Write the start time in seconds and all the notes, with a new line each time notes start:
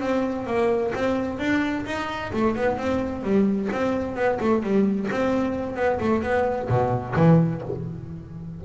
0.00 C4
0.46 A#3
0.94 C4
1.39 D4
1.85 D#4
2.32 A3
2.55 B3
2.77 C4
3.23 G3
3.72 C4
4.15 B3
4.40 A3
4.62 G3
5.11 C4
5.75 B3
6.00 A3
6.22 B3
6.69 B2
7.15 E3